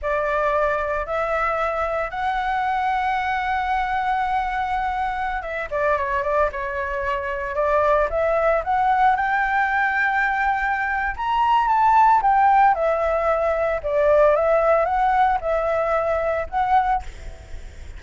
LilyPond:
\new Staff \with { instrumentName = "flute" } { \time 4/4 \tempo 4 = 113 d''2 e''2 | fis''1~ | fis''2~ fis''16 e''8 d''8 cis''8 d''16~ | d''16 cis''2 d''4 e''8.~ |
e''16 fis''4 g''2~ g''8.~ | g''4 ais''4 a''4 g''4 | e''2 d''4 e''4 | fis''4 e''2 fis''4 | }